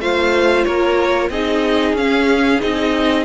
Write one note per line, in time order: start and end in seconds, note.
0.00 0.65 A3
0.00 1.32 F4
0.00 0.67 C5
0.00 0.64 F5
0.64 1.30 A#3
0.64 1.31 A#4
0.64 1.30 C#5
1.30 1.93 C4
1.30 1.98 D#4
1.30 3.26 G#4
1.30 1.96 D#5
1.93 2.59 C#4
1.93 2.61 C#4
1.93 2.61 F5
2.61 3.26 C4
2.61 3.26 D#4
2.61 3.26 D#5